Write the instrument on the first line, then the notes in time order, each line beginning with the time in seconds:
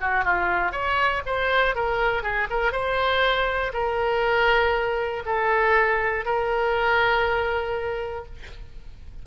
oboe
0.00 F#4
0.24 F4
0.72 C#5
1.26 C5
1.75 A#4
2.23 G#4
2.50 A#4
2.72 C5
3.73 A#4
5.25 A4
6.25 A#4